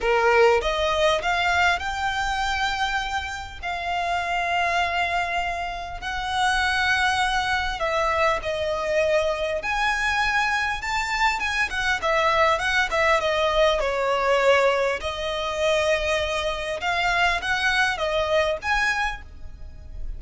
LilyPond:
\new Staff \with { instrumentName = "violin" } { \time 4/4 \tempo 4 = 100 ais'4 dis''4 f''4 g''4~ | g''2 f''2~ | f''2 fis''2~ | fis''4 e''4 dis''2 |
gis''2 a''4 gis''8 fis''8 | e''4 fis''8 e''8 dis''4 cis''4~ | cis''4 dis''2. | f''4 fis''4 dis''4 gis''4 | }